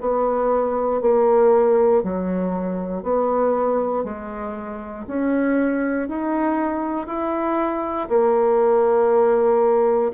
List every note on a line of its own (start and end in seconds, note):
0.00 1.01 B3
1.01 2.03 A#3
2.03 3.02 F#3
3.02 4.04 B3
4.04 5.05 G#3
5.07 6.08 C#4
6.08 7.06 D#4
7.06 8.08 E4
8.08 10.12 A#3